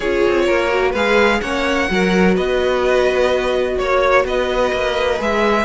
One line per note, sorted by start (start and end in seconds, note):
0.00 0.22 C#4
0.00 0.69 F4
0.00 0.44 G#4
0.00 0.92 C#5
0.27 0.48 C4
0.46 0.94 A#3
0.46 0.91 A#4
0.69 0.93 F#4
0.91 1.41 G#3
0.91 1.42 G#4
0.91 1.38 B4
0.91 1.40 F5
1.40 1.89 A#3
1.40 1.88 C#4
1.40 1.89 C#5
1.40 2.35 F#5
1.88 2.37 F#3
1.88 5.17 F#4
1.88 2.34 A#4
2.34 3.78 B3
2.34 3.76 B4
2.34 3.78 D#5
3.78 4.24 A#3
3.78 4.25 C#5
4.24 4.71 B3
4.24 5.64 B4
4.24 5.21 D#5
4.72 5.20 A#3
5.17 5.64 G#3
5.17 5.64 G#4
5.17 5.64 E5